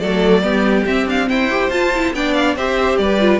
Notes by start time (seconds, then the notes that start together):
0.00 F#3 A3 A4 D5
0.43 G3 B3 G4
0.86 C4 E5
1.06 D4 F5
1.29 E4 C5 G5
1.50 G4
1.70 F4 A5
1.95 E4
2.14 B3 D4 D5 G5
2.34 F5
2.56 C4 G4 C5 E5
2.97 G3 B4 D5
3.20 F4